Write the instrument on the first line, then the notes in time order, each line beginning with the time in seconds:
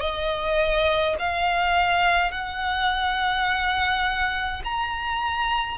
violin
0.00 D#5
1.19 F5
2.31 F#5
4.64 A#5